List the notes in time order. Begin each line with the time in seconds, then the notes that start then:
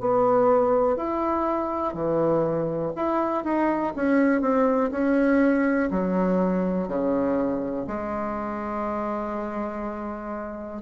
0.00 B3
0.97 E4
1.94 E3
2.96 E4
3.44 D#4
3.96 C#4
4.41 C4
4.91 C#4
5.91 F#3
6.88 C#3
7.87 G#3